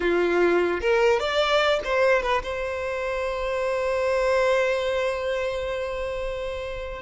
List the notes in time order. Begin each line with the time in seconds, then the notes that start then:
0.00 F4
0.80 A#4
1.19 D5
1.84 C5
2.22 B4
2.43 C5